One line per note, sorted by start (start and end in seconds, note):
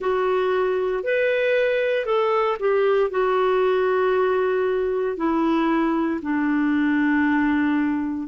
0.00 1.03 F#4
1.03 2.05 B4
2.05 2.57 A4
2.59 3.10 G4
3.10 5.16 F#4
5.16 6.20 E4
6.22 8.28 D4